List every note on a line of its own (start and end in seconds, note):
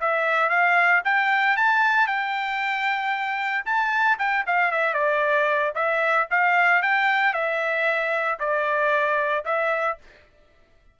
0.00 0.49 E5
0.49 1.02 F5
1.04 1.56 G5
1.56 2.06 A5
2.06 3.64 G5
3.65 4.18 A5
4.18 4.45 G5
4.46 4.71 F5
4.71 4.94 E5
4.94 5.72 D5
5.75 6.27 E5
6.30 6.82 F5
6.82 7.33 G5
7.33 8.38 E5
8.39 9.44 D5
9.45 9.97 E5